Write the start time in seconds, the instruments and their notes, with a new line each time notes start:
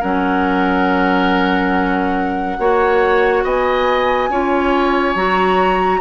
0.00 bassoon F#3, clarinet C#4, oboe A#4, flute F#5
2.59 bassoon A#3, clarinet F#4, oboe C#5
3.44 bassoon B3, oboe D#5, flute G#5
4.29 bassoon C#4, clarinet F4, oboe C#5
5.15 bassoon F#3, clarinet F#4, flute A#5